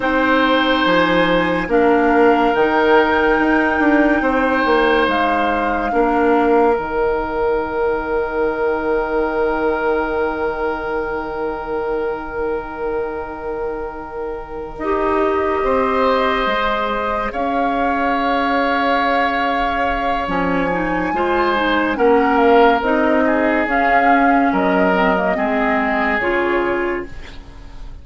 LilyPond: <<
  \new Staff \with { instrumentName = "flute" } { \time 4/4 \tempo 4 = 71 g''4 gis''4 f''4 g''4~ | g''2 f''2 | g''1~ | g''1~ |
g''4. dis''2~ dis''8~ | dis''8 f''2.~ f''8 | gis''2 fis''8 f''8 dis''4 | f''4 dis''2 cis''4 | }
  \new Staff \with { instrumentName = "oboe" } { \time 4/4 c''2 ais'2~ | ais'4 c''2 ais'4~ | ais'1~ | ais'1~ |
ais'2~ ais'8 c''4.~ | c''8 cis''2.~ cis''8~ | cis''4 c''4 ais'4. gis'8~ | gis'4 ais'4 gis'2 | }
  \new Staff \with { instrumentName = "clarinet" } { \time 4/4 dis'2 d'4 dis'4~ | dis'2. d'4 | dis'1~ | dis'1~ |
dis'4. g'2 gis'8~ | gis'1 | cis'8 dis'8 f'8 dis'8 cis'4 dis'4 | cis'4. c'16 ais16 c'4 f'4 | }
  \new Staff \with { instrumentName = "bassoon" } { \time 4/4 c'4 f4 ais4 dis4 | dis'8 d'8 c'8 ais8 gis4 ais4 | dis1~ | dis1~ |
dis4. dis'4 c'4 gis8~ | gis8 cis'2.~ cis'8 | f4 gis4 ais4 c'4 | cis'4 fis4 gis4 cis4 | }
>>